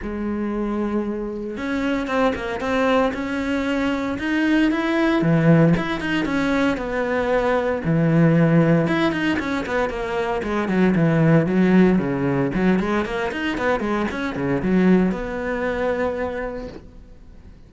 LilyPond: \new Staff \with { instrumentName = "cello" } { \time 4/4 \tempo 4 = 115 gis2. cis'4 | c'8 ais8 c'4 cis'2 | dis'4 e'4 e4 e'8 dis'8 | cis'4 b2 e4~ |
e4 e'8 dis'8 cis'8 b8 ais4 | gis8 fis8 e4 fis4 cis4 | fis8 gis8 ais8 dis'8 b8 gis8 cis'8 cis8 | fis4 b2. | }